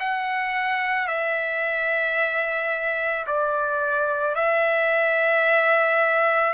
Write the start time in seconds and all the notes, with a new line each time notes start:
0.00 F#5
1.08 E5
3.27 D5
4.35 E5